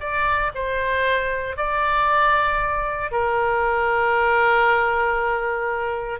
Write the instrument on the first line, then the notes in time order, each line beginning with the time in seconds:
oboe
0.00 D5
0.54 C5
1.57 D5
3.12 A#4